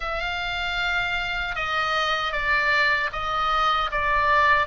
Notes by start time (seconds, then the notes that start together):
0.00 F5
1.55 D#5
2.32 D5
3.12 D#5
3.91 D5